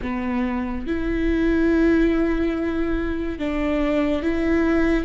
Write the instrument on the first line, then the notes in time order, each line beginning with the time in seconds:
viola
0.02 B3
0.86 E4
3.38 D4
4.22 E4